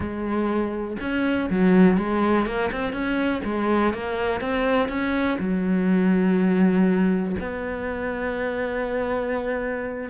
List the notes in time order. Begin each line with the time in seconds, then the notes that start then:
0.00 G#3
1.00 C#4
1.50 F#3
1.97 G#3
2.46 A#3
2.72 C4
2.93 C#4
3.44 G#3
3.93 A#3
4.40 C4
4.88 C#4
5.39 F#3
7.40 B3